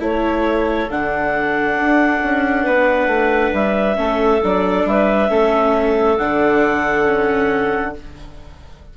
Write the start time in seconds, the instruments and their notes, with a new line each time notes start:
0.00 bassoon A3, viola E4, clarinet A4 C#5
0.90 bassoon D3, viola D4, clarinet F#5
1.76 bassoon D4
2.23 bassoon C#4
2.64 bassoon B3, clarinet B4
3.07 bassoon A3
3.53 bassoon G3, clarinet E5
3.96 bassoon A3, viola C#4, clarinet A4
4.44 bassoon F#3, viola D4, clarinet D5
4.85 bassoon G3, clarinet B4 E5
5.29 bassoon A3, viola C#4, clarinet A4
6.18 bassoon D3, viola D4, clarinet F#5
7.05 viola C#4